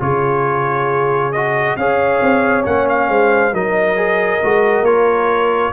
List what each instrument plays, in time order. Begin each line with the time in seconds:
0.00 tuba C#3, trombone F4, horn G#4, trumpet C#5
1.32 trombone F#4, trumpet D#5
1.77 tuba C#4, trombone G#4, horn C#5, trumpet F5
2.22 tuba C4
2.64 tuba A#3, trombone C#4, trumpet F#5
2.89 trumpet F5
3.09 tuba G#3, horn C5
3.53 tuba F#3, trombone D#4, horn A#4, trumpet D#5
3.96 trombone G#4
4.43 tuba G#3, trombone F#4
4.82 tuba A#3, trombone F4, trumpet C#5